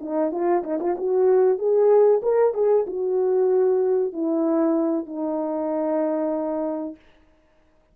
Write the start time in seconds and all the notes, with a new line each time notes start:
0.00 D#4
0.31 F4
0.63 D#4
0.80 F4
0.97 F#4
1.58 G#4
2.22 A#4
2.53 G#4
2.87 F#4
4.13 E4
5.06 D#4